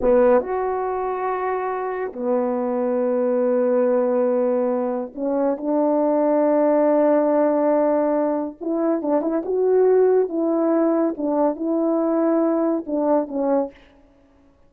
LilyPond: \new Staff \with { instrumentName = "horn" } { \time 4/4 \tempo 4 = 140 b4 fis'2.~ | fis'4 b2.~ | b1 | cis'4 d'2.~ |
d'1 | e'4 d'8 e'8 fis'2 | e'2 d'4 e'4~ | e'2 d'4 cis'4 | }